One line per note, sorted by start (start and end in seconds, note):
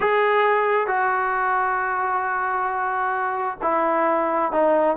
0.00 0.87 G#4
0.87 3.58 F#4
3.62 4.52 E4
4.52 4.96 D#4